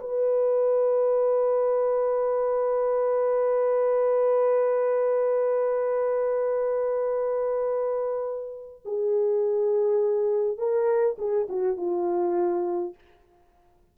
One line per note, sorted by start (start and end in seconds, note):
0.00 8.82 B4
8.85 10.58 G#4
10.58 11.17 A#4
11.18 11.48 G#4
11.49 11.77 F#4
11.77 12.94 F4